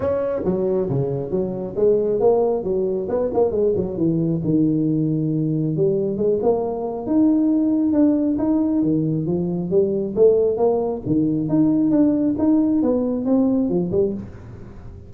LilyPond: \new Staff \with { instrumentName = "tuba" } { \time 4/4 \tempo 4 = 136 cis'4 fis4 cis4 fis4 | gis4 ais4 fis4 b8 ais8 | gis8 fis8 e4 dis2~ | dis4 g4 gis8 ais4. |
dis'2 d'4 dis'4 | dis4 f4 g4 a4 | ais4 dis4 dis'4 d'4 | dis'4 b4 c'4 f8 g8 | }